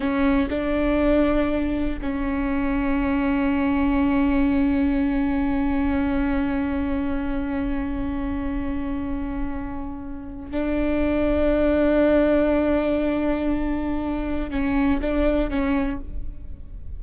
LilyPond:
\new Staff \with { instrumentName = "viola" } { \time 4/4 \tempo 4 = 120 cis'4 d'2. | cis'1~ | cis'1~ | cis'1~ |
cis'1~ | cis'4 d'2.~ | d'1~ | d'4 cis'4 d'4 cis'4 | }